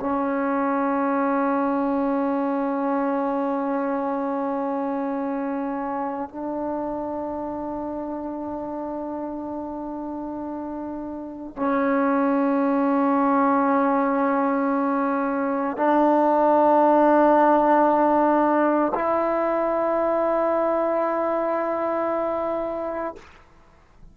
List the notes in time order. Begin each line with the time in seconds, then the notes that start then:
0.00 C#4
6.30 D4
11.56 C#4
15.77 D4
18.94 E4